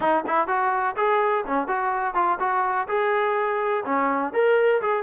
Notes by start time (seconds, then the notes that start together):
0.00 D#4
0.26 E4
0.47 F#4
0.96 G#4
1.46 C#4
1.67 F#4
2.14 F4
2.39 F#4
2.88 G#4
3.85 C#4
4.33 A#4
4.81 G#4